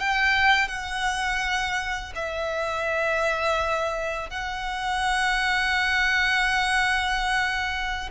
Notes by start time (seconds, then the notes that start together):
0.00 G5
0.68 F#5
2.16 E5
4.30 F#5